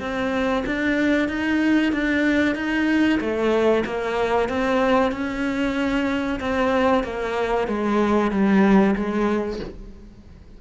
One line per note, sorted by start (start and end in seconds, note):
0.00 0.64 C4
0.66 1.29 D4
1.29 1.92 D#4
1.93 2.55 D4
2.55 3.19 D#4
3.20 3.84 A3
3.85 4.49 A#3
4.49 5.12 C4
5.12 6.39 C#4
6.40 7.04 C4
7.04 7.67 A#3
7.67 8.31 G#3
8.31 8.95 G3
8.96 9.59 G#3